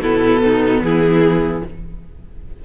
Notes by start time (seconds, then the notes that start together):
0.00 B2 B3 E4 A4
0.43 D#4
0.81 E3 E4 G#4